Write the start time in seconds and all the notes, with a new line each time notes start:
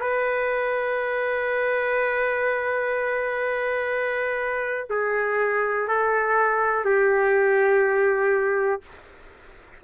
0.00 B4
4.90 G#4
5.88 A4
6.85 G4